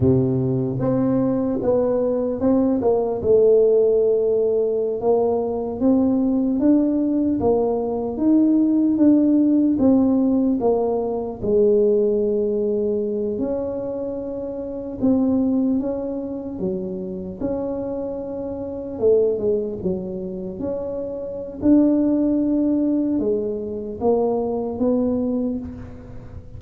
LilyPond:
\new Staff \with { instrumentName = "tuba" } { \time 4/4 \tempo 4 = 75 c4 c'4 b4 c'8 ais8 | a2~ a16 ais4 c'8.~ | c'16 d'4 ais4 dis'4 d'8.~ | d'16 c'4 ais4 gis4.~ gis16~ |
gis8. cis'2 c'4 cis'16~ | cis'8. fis4 cis'2 a16~ | a16 gis8 fis4 cis'4~ cis'16 d'4~ | d'4 gis4 ais4 b4 | }